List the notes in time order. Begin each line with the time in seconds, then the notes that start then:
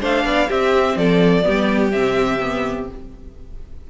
0.00 A3 D4 C5 F5
0.24 B3 D5
0.48 C4 G4 E5
0.96 F3 A4 D5
1.43 G3 B3 G4
1.91 C3 C4 E5
2.40 B3